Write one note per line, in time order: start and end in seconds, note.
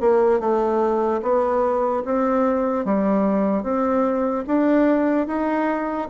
0.00 0.39 A#3
0.39 1.21 A3
1.22 2.03 B3
2.05 2.85 C4
2.85 3.63 G3
3.63 4.44 C4
4.47 5.27 D4
5.27 6.08 D#4